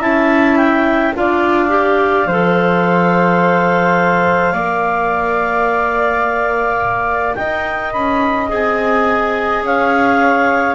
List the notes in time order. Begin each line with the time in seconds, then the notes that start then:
0.00 C#4 E4 E5 A5
0.57 G5
1.15 D4 F4 D5 F5
1.69 G4
2.26 F3 A4 C5
4.53 A#3 A#4 D5
7.35 D#4 D#5 G5
7.93 C#4 B5
8.49 C4 G#4 G#5
9.62 C#4 C#5 F5